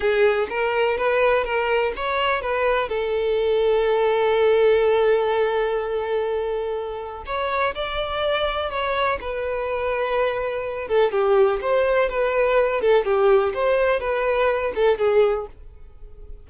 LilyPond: \new Staff \with { instrumentName = "violin" } { \time 4/4 \tempo 4 = 124 gis'4 ais'4 b'4 ais'4 | cis''4 b'4 a'2~ | a'1~ | a'2. cis''4 |
d''2 cis''4 b'4~ | b'2~ b'8 a'8 g'4 | c''4 b'4. a'8 g'4 | c''4 b'4. a'8 gis'4 | }